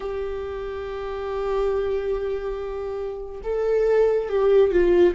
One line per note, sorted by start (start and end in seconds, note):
0.00 3.41 G4
3.43 4.29 A4
4.29 4.71 G4
4.71 5.14 F4